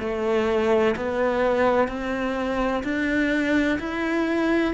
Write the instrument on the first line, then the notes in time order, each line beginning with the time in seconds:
cello
0.00 A3
0.96 B3
1.88 C4
2.84 D4
3.79 E4